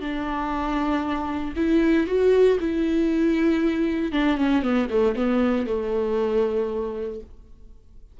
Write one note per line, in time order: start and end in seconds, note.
0.00 1.54 D4
1.55 2.07 E4
2.07 2.58 F#4
2.60 4.12 E4
4.12 4.37 D4
4.37 4.62 C#4
4.62 4.88 B3
4.90 5.15 A3
5.15 5.66 B3
5.66 7.20 A3